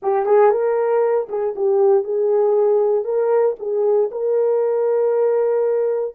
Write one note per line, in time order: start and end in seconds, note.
0.02 0.25 G4
0.25 0.51 G#4
0.51 1.28 A#4
1.29 1.55 G#4
1.55 2.03 G4
2.03 3.04 G#4
3.04 3.55 A#4
3.59 4.10 G#4
4.11 6.15 A#4